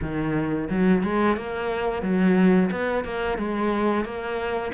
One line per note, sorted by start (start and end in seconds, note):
0.01 0.69 D#3
0.69 1.03 F#3
1.03 1.36 G#3
1.36 2.02 A#3
2.02 2.70 F#3
2.71 3.04 B3
3.04 3.38 A#3
3.38 4.04 G#3
4.04 4.72 A#3